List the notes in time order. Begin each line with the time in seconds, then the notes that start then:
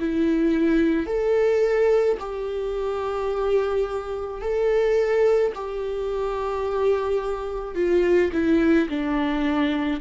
0.00 E4
1.07 A4
2.20 G4
4.41 A4
5.55 G4
7.76 F4
8.33 E4
8.89 D4